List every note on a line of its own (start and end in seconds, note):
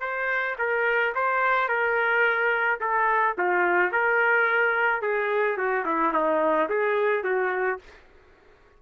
0.00 0.56 C5
0.58 1.13 A#4
1.14 1.68 C5
1.68 2.79 A#4
2.80 3.35 A4
3.38 3.91 F4
3.91 5.01 A#4
5.01 5.57 G#4
5.57 5.84 F#4
5.85 6.13 E4
6.13 6.68 D#4
6.69 7.23 G#4
7.23 7.79 F#4